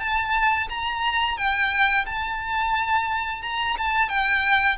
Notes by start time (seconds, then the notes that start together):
0.00 A5
0.69 A#5
1.37 G5
2.06 A5
3.42 A#5
3.78 A5
4.09 G5